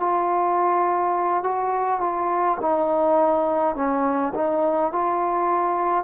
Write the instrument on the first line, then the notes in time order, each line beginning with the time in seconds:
trombone
0.00 F4
1.44 F#4
2.00 F4
2.61 D#4
3.76 C#4
4.35 D#4
4.92 F4